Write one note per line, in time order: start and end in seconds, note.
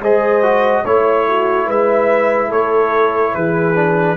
0.00 0.83 G#3
0.00 0.43 G#4
0.00 0.83 C5
0.00 0.85 D#5
0.43 0.84 F#4
0.83 1.68 A3
0.83 3.75 E4
0.83 1.25 C#5
0.83 1.68 C#5
1.28 1.66 F#4
1.66 2.51 G#3
1.66 2.48 B4
1.66 2.52 E5
2.48 3.35 A3
2.48 3.31 A4
2.48 3.35 C#5
3.35 4.17 E3
3.35 4.17 G#4
3.35 4.17 B4
3.75 4.16 D4